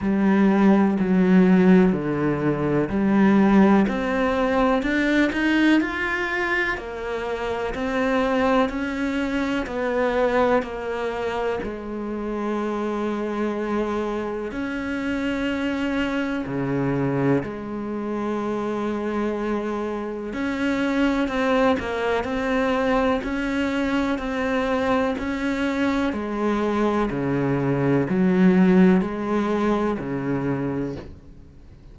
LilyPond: \new Staff \with { instrumentName = "cello" } { \time 4/4 \tempo 4 = 62 g4 fis4 d4 g4 | c'4 d'8 dis'8 f'4 ais4 | c'4 cis'4 b4 ais4 | gis2. cis'4~ |
cis'4 cis4 gis2~ | gis4 cis'4 c'8 ais8 c'4 | cis'4 c'4 cis'4 gis4 | cis4 fis4 gis4 cis4 | }